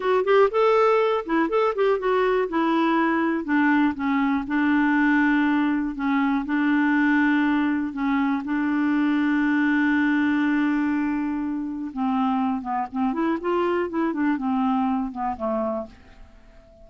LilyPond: \new Staff \with { instrumentName = "clarinet" } { \time 4/4 \tempo 4 = 121 fis'8 g'8 a'4. e'8 a'8 g'8 | fis'4 e'2 d'4 | cis'4 d'2. | cis'4 d'2. |
cis'4 d'2.~ | d'1 | c'4. b8 c'8 e'8 f'4 | e'8 d'8 c'4. b8 a4 | }